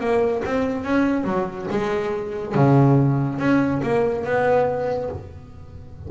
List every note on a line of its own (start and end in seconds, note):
0.00 0.43 A#3
0.45 0.84 C4
0.84 1.24 C#4
1.24 1.67 F#3
1.71 2.55 G#3
2.55 3.39 C#3
3.39 3.81 C#4
3.83 4.25 A#3
4.25 5.10 B3